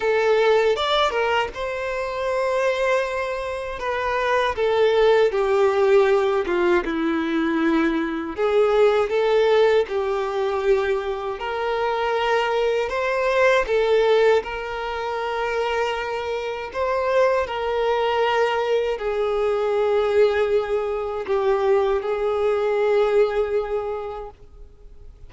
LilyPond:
\new Staff \with { instrumentName = "violin" } { \time 4/4 \tempo 4 = 79 a'4 d''8 ais'8 c''2~ | c''4 b'4 a'4 g'4~ | g'8 f'8 e'2 gis'4 | a'4 g'2 ais'4~ |
ais'4 c''4 a'4 ais'4~ | ais'2 c''4 ais'4~ | ais'4 gis'2. | g'4 gis'2. | }